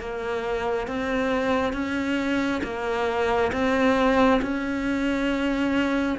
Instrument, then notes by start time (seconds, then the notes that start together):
cello
0.00 A#3
0.87 C4
1.73 C#4
2.64 A#3
3.53 C4
4.42 C#4